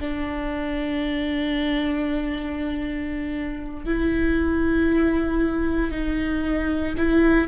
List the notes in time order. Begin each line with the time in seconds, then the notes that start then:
0.00 D4
3.86 E4
5.92 D#4
6.98 E4